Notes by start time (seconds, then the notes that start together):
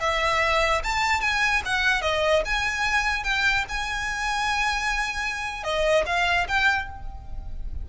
0.00 E5
0.83 A5
1.21 G#5
1.65 F#5
2.02 D#5
2.45 G#5
3.24 G5
3.69 G#5
5.63 D#5
6.06 F5
6.48 G5